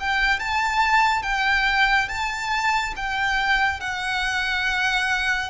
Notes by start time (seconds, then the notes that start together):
0.00 G5
0.40 A5
1.23 G5
2.09 A5
2.96 G5
3.81 F#5